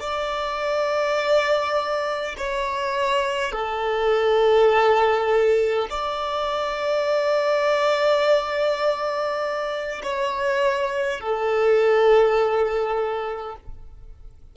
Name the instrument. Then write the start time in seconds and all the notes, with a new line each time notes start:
violin
0.00 D5
2.37 C#5
3.52 A4
5.90 D5
10.03 C#5
11.20 A4